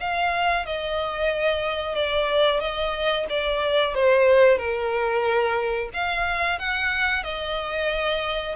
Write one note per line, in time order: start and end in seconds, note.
0.00 0.65 F5
0.65 1.95 D#5
1.95 2.60 D5
2.60 3.26 D#5
3.29 3.94 D5
3.94 4.58 C5
4.58 5.90 A#4
5.93 6.59 F5
6.59 7.23 F#5
7.23 8.55 D#5